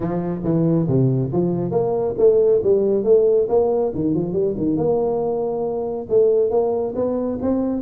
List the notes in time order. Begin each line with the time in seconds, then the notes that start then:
0.00 F3
0.43 E3
0.87 C3
1.32 F3
1.71 A#3
2.18 A3
2.63 G3
3.04 A3
3.48 A#3
3.94 D#3
4.14 F3
4.33 G3
4.57 D#3
4.76 A#3
6.09 A3
6.50 A#3
6.95 B3
7.41 C4